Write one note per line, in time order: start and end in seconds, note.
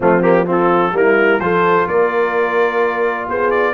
0.00 0.92 F3
0.00 0.21 A3
0.00 0.45 C4
0.00 0.22 F4
0.21 0.45 A#3
0.21 0.46 G4
0.45 0.92 C4
0.45 0.94 F4
0.51 0.97 A4
0.92 1.39 G3
0.92 1.40 A#3
0.92 1.42 E4
0.92 1.39 A#4
1.39 1.86 F3
1.39 3.73 F4
1.39 1.88 A4
1.39 1.86 C5
1.87 3.28 A#3
1.87 3.29 A#4
1.87 3.28 D5
3.28 3.73 B3
3.28 3.73 G#4
3.28 3.50 C5
3.50 3.73 D5